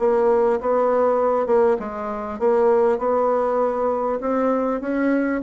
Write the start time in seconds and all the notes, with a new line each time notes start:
0.00 A#3
0.61 B3
1.47 A#3
1.80 G#3
2.40 A#3
2.99 B3
4.21 C4
4.81 C#4